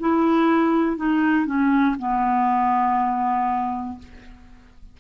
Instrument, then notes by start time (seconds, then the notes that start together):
clarinet
0.00 E4
0.97 D#4
1.46 C#4
1.99 B3